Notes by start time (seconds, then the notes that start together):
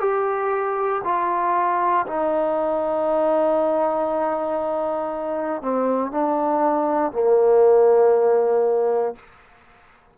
0.00 G4
1.04 F4
2.07 D#4
5.62 C4
6.11 D4
7.12 A#3